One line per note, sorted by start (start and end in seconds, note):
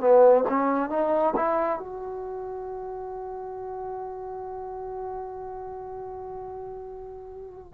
0.00 0.44 B3
0.49 0.90 C#4
0.90 1.34 D#4
1.36 1.79 E4
1.79 7.73 F#4